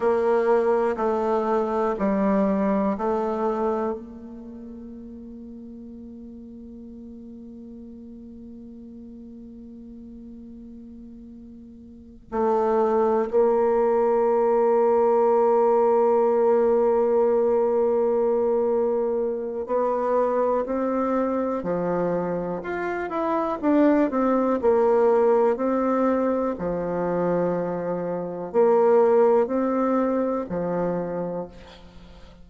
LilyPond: \new Staff \with { instrumentName = "bassoon" } { \time 4/4 \tempo 4 = 61 ais4 a4 g4 a4 | ais1~ | ais1~ | ais8 a4 ais2~ ais8~ |
ais1 | b4 c'4 f4 f'8 e'8 | d'8 c'8 ais4 c'4 f4~ | f4 ais4 c'4 f4 | }